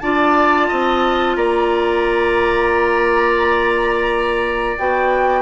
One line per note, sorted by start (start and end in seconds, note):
0.00 0.70 D4
0.00 4.79 F4
0.00 0.68 D5
0.00 1.36 A5
0.68 1.36 C4
0.68 1.37 D#5
1.36 4.77 A#3
1.36 5.42 D5
1.36 4.77 A#5
4.78 5.42 B3
4.78 5.42 F#4
4.78 5.42 G5